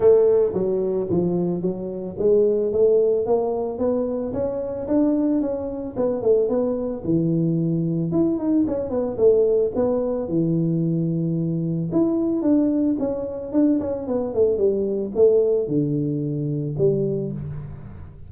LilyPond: \new Staff \with { instrumentName = "tuba" } { \time 4/4 \tempo 4 = 111 a4 fis4 f4 fis4 | gis4 a4 ais4 b4 | cis'4 d'4 cis'4 b8 a8 | b4 e2 e'8 dis'8 |
cis'8 b8 a4 b4 e4~ | e2 e'4 d'4 | cis'4 d'8 cis'8 b8 a8 g4 | a4 d2 g4 | }